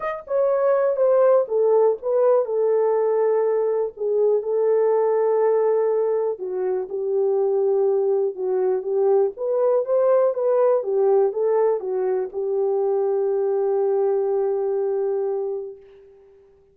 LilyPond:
\new Staff \with { instrumentName = "horn" } { \time 4/4 \tempo 4 = 122 dis''8 cis''4. c''4 a'4 | b'4 a'2. | gis'4 a'2.~ | a'4 fis'4 g'2~ |
g'4 fis'4 g'4 b'4 | c''4 b'4 g'4 a'4 | fis'4 g'2.~ | g'1 | }